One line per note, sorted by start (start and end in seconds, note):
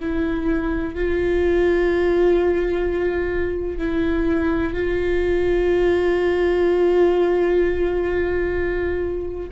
0.00 0.95 E4
0.95 3.78 F4
3.78 4.74 E4
4.74 9.50 F4